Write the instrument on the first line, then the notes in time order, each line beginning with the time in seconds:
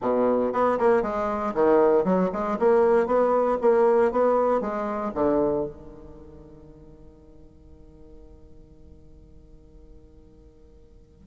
bassoon
0.01 B2
0.52 B3
0.78 A#3
1.02 G#3
1.54 D#3
2.04 F#3
2.32 G#3
2.59 A#3
3.06 B3
3.61 A#3
4.11 B3
4.60 G#3
5.14 D3
5.65 D#3